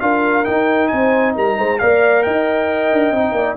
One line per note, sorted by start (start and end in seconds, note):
0.00 0.46 D4
0.00 0.44 F4
0.00 0.91 A#4
0.00 0.44 F5
0.44 1.78 D#4
0.44 0.91 D#4
0.44 0.88 G5
0.88 1.36 C4
0.88 1.35 C5
0.88 1.32 G#5
1.35 1.58 G3
1.35 1.57 A#4
1.35 1.78 A#5
1.57 1.80 G#3
1.57 1.79 C5
1.78 2.26 A#3
1.78 3.14 A#4
1.78 2.24 D5
1.78 2.22 F5
2.22 2.92 D#4
2.22 3.35 D#5
2.22 3.56 G5
2.92 3.11 D4
3.11 3.32 C4
3.11 3.56 D#4
3.32 3.54 A#3
3.32 3.56 D5